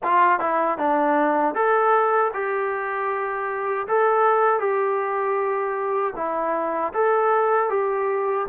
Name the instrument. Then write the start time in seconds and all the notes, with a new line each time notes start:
trombone
0.03 F4
0.39 E4
0.78 D4
1.54 A4
2.33 G4
3.87 A4
4.59 G4
6.15 E4
6.93 A4
7.69 G4